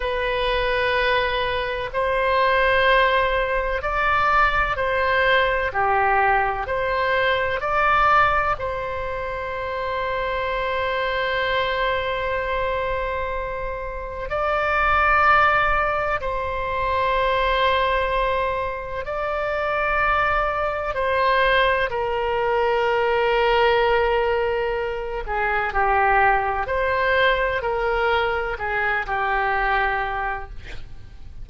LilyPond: \new Staff \with { instrumentName = "oboe" } { \time 4/4 \tempo 4 = 63 b'2 c''2 | d''4 c''4 g'4 c''4 | d''4 c''2.~ | c''2. d''4~ |
d''4 c''2. | d''2 c''4 ais'4~ | ais'2~ ais'8 gis'8 g'4 | c''4 ais'4 gis'8 g'4. | }